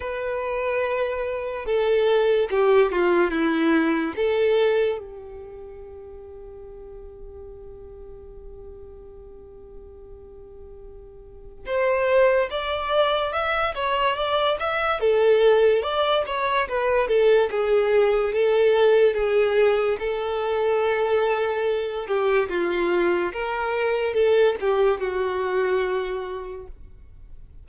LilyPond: \new Staff \with { instrumentName = "violin" } { \time 4/4 \tempo 4 = 72 b'2 a'4 g'8 f'8 | e'4 a'4 g'2~ | g'1~ | g'2 c''4 d''4 |
e''8 cis''8 d''8 e''8 a'4 d''8 cis''8 | b'8 a'8 gis'4 a'4 gis'4 | a'2~ a'8 g'8 f'4 | ais'4 a'8 g'8 fis'2 | }